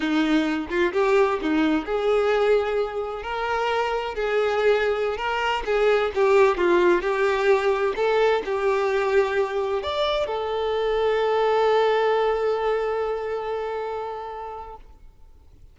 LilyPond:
\new Staff \with { instrumentName = "violin" } { \time 4/4 \tempo 4 = 130 dis'4. f'8 g'4 dis'4 | gis'2. ais'4~ | ais'4 gis'2~ gis'16 ais'8.~ | ais'16 gis'4 g'4 f'4 g'8.~ |
g'4~ g'16 a'4 g'4.~ g'16~ | g'4~ g'16 d''4 a'4.~ a'16~ | a'1~ | a'1 | }